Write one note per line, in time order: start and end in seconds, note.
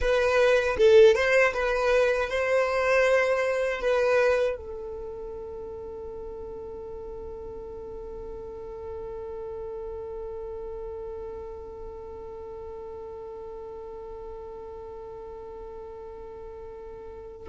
0.00 0.76 B4
0.77 1.15 A4
1.15 1.53 C5
1.53 2.29 B4
2.29 3.81 C5
3.81 4.56 B4
4.56 17.48 A4